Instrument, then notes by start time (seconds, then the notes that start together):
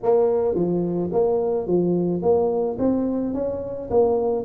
tuba
0.03 A#3
0.54 F3
1.12 A#3
1.67 F3
2.22 A#3
2.79 C4
3.34 C#4
3.90 A#3